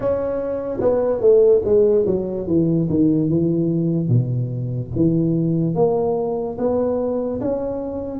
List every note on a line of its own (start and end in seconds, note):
0.00 0.79 C#4
0.80 1.20 B3
1.20 1.61 A3
1.64 2.05 G#3
2.06 2.47 F#3
2.47 2.88 E3
2.89 3.29 D#3
3.29 4.08 E3
4.08 4.90 B2
4.95 5.75 E3
5.75 6.57 A#3
6.58 7.40 B3
7.40 8.20 C#4